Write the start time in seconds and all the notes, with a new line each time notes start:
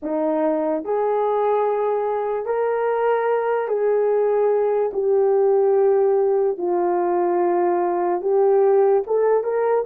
0.02 D#4
0.84 G#4
2.45 A#4
3.68 G#4
4.93 G4
6.57 F4
8.21 G4
9.06 A4
9.43 A#4